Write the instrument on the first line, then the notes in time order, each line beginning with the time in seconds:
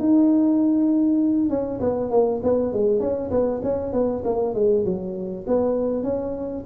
tuba
0.00 D#4
1.50 C#4
1.81 B3
2.11 A#3
2.44 B3
2.74 G#3
3.00 C#4
3.31 B3
3.64 C#4
3.93 B3
4.25 A#3
4.55 G#3
4.85 F#3
5.47 B3
6.04 C#4